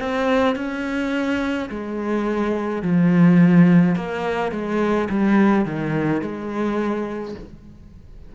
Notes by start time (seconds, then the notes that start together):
0.00 C4
0.56 C#4
1.70 G#3
2.83 F3
3.96 A#3
4.52 G#3
5.10 G3
5.66 D#3
6.22 G#3